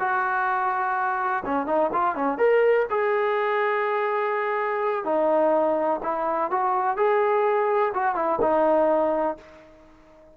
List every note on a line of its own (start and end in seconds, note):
0.00 1.44 F#4
1.46 1.67 C#4
1.67 1.91 D#4
1.93 2.16 F4
2.16 2.38 C#4
2.38 2.86 A#4
2.91 5.05 G#4
5.05 6.01 D#4
6.03 6.51 E4
6.51 6.97 F#4
6.97 7.93 G#4
7.95 8.16 F#4
8.16 8.40 E4
8.42 9.38 D#4